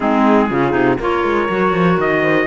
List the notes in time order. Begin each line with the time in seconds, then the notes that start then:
0.00 G#3 C4 D#4 G#4
0.50 C#3 C#4 F4
0.71 C3 D#4
0.97 A#3 F4 A#4 C#5
1.23 G#3
1.48 F#3 F#4
1.72 F3
1.97 D#3 D#5
2.21 C5